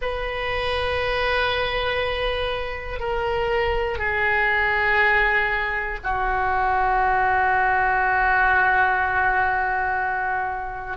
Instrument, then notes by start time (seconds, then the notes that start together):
oboe
0.01 B4
2.99 A#4
3.98 G#4
6.03 F#4